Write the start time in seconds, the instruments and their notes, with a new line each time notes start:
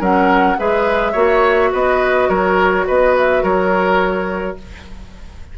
0.00 bassoon F#3, clarinet C#4, oboe A#4, flute F#5
0.58 bassoon G#3, clarinet G#4, oboe B4, flute E5
1.13 bassoon A#3, clarinet F#4, oboe C#5
1.72 bassoon B3, oboe B4, flute D#5
2.29 bassoon F#3, oboe A#4, flute C#5
2.87 bassoon B3, oboe B4, flute D#5
3.18 flute E5
3.43 bassoon F#3, oboe A#4, flute C#5